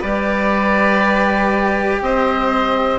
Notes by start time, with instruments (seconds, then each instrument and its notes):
0.00 bassoon G3, cello G4, violin B4, oboe D5
2.01 bassoon C4, violin C5, oboe D#5